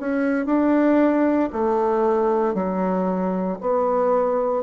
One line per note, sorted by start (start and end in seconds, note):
0.00 0.46 C#4
0.46 1.50 D4
1.53 2.55 A3
2.55 3.58 F#3
3.61 4.64 B3